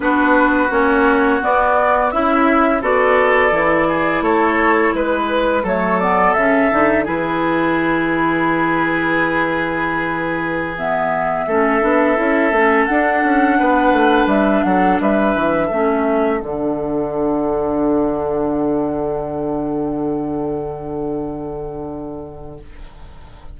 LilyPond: <<
  \new Staff \with { instrumentName = "flute" } { \time 4/4 \tempo 4 = 85 b'4 cis''4 d''4 e''4 | d''2 cis''4 b'4 | cis''8 d''8 e''4 b'2~ | b'2.~ b'16 e''8.~ |
e''2~ e''16 fis''4.~ fis''16~ | fis''16 e''8 fis''8 e''2 fis''8.~ | fis''1~ | fis''1 | }
  \new Staff \with { instrumentName = "oboe" } { \time 4/4 fis'2. e'4 | a'4. gis'8 a'4 b'4 | a'2 gis'2~ | gis'1~ |
gis'16 a'2. b'8.~ | b'8. a'8 b'4 a'4.~ a'16~ | a'1~ | a'1 | }
  \new Staff \with { instrumentName = "clarinet" } { \time 4/4 d'4 cis'4 b4 e'4 | fis'4 e'2. | a8 b8 cis'8 dis'8 e'2~ | e'2.~ e'16 b8.~ |
b16 cis'8 d'8 e'8 cis'8 d'4.~ d'16~ | d'2~ d'16 cis'4 d'8.~ | d'1~ | d'1 | }
  \new Staff \with { instrumentName = "bassoon" } { \time 4/4 b4 ais4 b4 cis'4 | b4 e4 a4 gis4 | fis4 cis8 d8 e2~ | e1~ |
e16 a8 b8 cis'8 a8 d'8 cis'8 b8 a16~ | a16 g8 fis8 g8 e8 a4 d8.~ | d1~ | d1 | }
>>